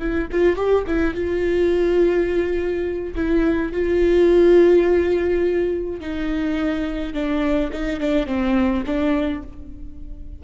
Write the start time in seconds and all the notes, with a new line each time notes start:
0.00 E4
0.32 F4
0.56 G4
0.87 E4
1.15 F4
3.16 E4
3.73 F4
6.01 D#4
7.14 D4
7.73 D#4
8.00 D4
8.27 C4
8.86 D4